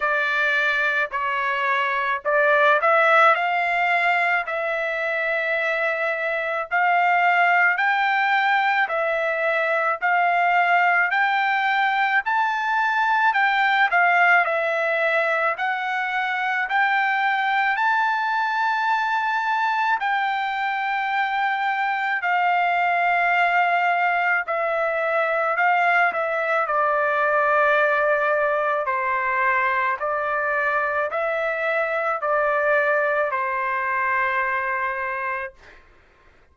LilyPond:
\new Staff \with { instrumentName = "trumpet" } { \time 4/4 \tempo 4 = 54 d''4 cis''4 d''8 e''8 f''4 | e''2 f''4 g''4 | e''4 f''4 g''4 a''4 | g''8 f''8 e''4 fis''4 g''4 |
a''2 g''2 | f''2 e''4 f''8 e''8 | d''2 c''4 d''4 | e''4 d''4 c''2 | }